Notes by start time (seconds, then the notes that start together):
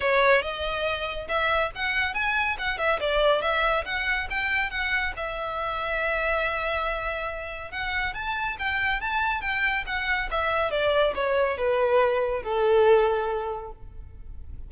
0.00 C#5
0.42 D#5
1.28 E5
1.75 F#5
2.14 G#5
2.58 F#5
2.78 E5
3.00 D5
3.41 E5
3.85 F#5
4.30 G5
4.70 F#5
5.16 E5
7.71 F#5
8.14 A5
8.59 G5
9.00 A5
9.41 G5
9.86 F#5
10.30 E5
10.70 D5
11.14 C#5
11.57 B4
12.42 A4